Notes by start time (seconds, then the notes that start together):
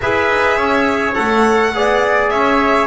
0.01 E4 G#4 B4 E5
0.30 D#4
0.56 C#4 C#5
1.13 A3 A4 F#5
1.74 B3 G#4 D5
2.29 C#4 C#5 E5